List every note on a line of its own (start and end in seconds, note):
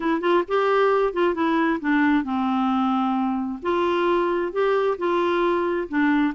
0.00 0.20 E4
0.20 0.43 F4
0.48 1.13 G4
1.13 1.34 F4
1.34 1.79 E4
1.80 2.24 D4
2.24 3.59 C4
3.62 4.52 F4
4.52 4.97 G4
4.97 5.88 F4
5.88 6.33 D4